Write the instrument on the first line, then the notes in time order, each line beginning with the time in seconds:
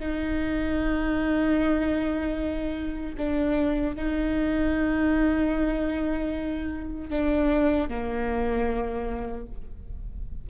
viola
0.00 D#4
3.18 D4
3.96 D#4
7.10 D4
7.89 A#3